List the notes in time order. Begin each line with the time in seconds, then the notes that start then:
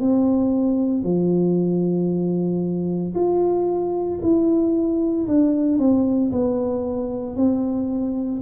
0.00 C4
1.03 F3
3.15 F4
4.22 E4
5.27 D4
5.78 C4
6.32 B3
7.36 C4